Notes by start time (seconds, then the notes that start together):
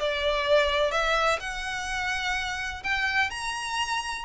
0.00 D5
0.92 E5
1.40 F#5
2.83 G5
3.30 A#5